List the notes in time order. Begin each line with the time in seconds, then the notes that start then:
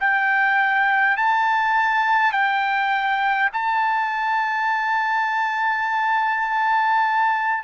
0.00 G5
1.17 A5
2.32 G5
3.53 A5